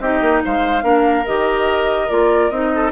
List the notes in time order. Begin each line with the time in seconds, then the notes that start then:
0.00 C4 D#4 G4 D#5
0.21 A#3
0.44 G#3 C5 F5
0.83 A#3 D4 A#4
1.26 D#3 G4 D#5
2.09 A#3 F4 D5
2.50 C4 D#4 D#5
2.75 A4